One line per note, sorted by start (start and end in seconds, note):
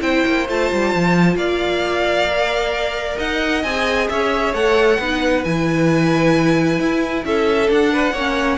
0.00 0.23 C4
0.00 0.45 E4
0.00 1.37 C5
0.00 0.47 G5
0.26 0.48 A#3
0.49 0.71 A3
0.49 2.29 F4
0.49 1.36 A5
0.72 0.94 G3
0.95 1.35 F3
1.35 3.16 A#3
1.35 3.18 D5
1.35 3.17 F5
2.29 3.64 A#4
3.18 3.63 D#4
3.18 4.08 D#5
3.18 3.62 F#5
3.62 4.08 C4
3.62 4.55 G#4
3.62 4.07 G#5
4.09 4.53 C#4
4.09 4.99 C#5
4.09 4.54 E5
4.53 4.98 A3
4.53 5.00 A4
4.53 5.44 F#5
4.99 5.44 B3
4.99 5.44 D#4
4.99 7.24 B4
5.44 6.79 E3
5.44 7.67 E4
5.44 7.24 G#5
6.79 7.24 E4
7.24 7.69 C#4
7.24 7.93 A4
7.24 7.70 E5
7.67 8.12 D4
7.67 8.58 F#5
7.93 8.13 B4
8.12 8.57 A#3
8.12 8.58 C#4
8.12 8.58 C#5